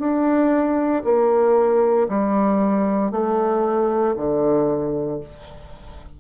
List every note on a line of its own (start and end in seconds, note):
0.00 1.03 D4
1.04 2.08 A#3
2.09 3.12 G3
3.12 4.15 A3
4.17 5.21 D3